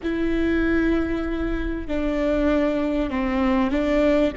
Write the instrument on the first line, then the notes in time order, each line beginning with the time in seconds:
viola
0.03 E4
1.87 D4
3.10 C4
3.70 D4